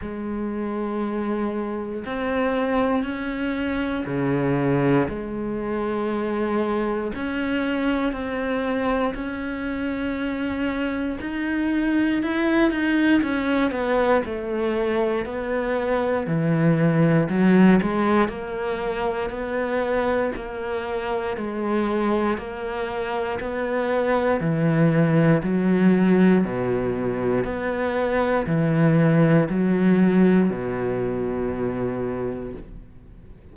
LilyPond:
\new Staff \with { instrumentName = "cello" } { \time 4/4 \tempo 4 = 59 gis2 c'4 cis'4 | cis4 gis2 cis'4 | c'4 cis'2 dis'4 | e'8 dis'8 cis'8 b8 a4 b4 |
e4 fis8 gis8 ais4 b4 | ais4 gis4 ais4 b4 | e4 fis4 b,4 b4 | e4 fis4 b,2 | }